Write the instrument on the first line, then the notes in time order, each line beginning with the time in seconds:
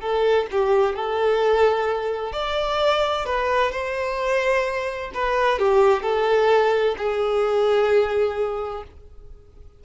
violin
0.00 A4
0.51 G4
0.95 A4
2.32 D5
3.25 B4
3.71 C5
5.13 B4
5.59 G4
6.02 A4
6.97 G#4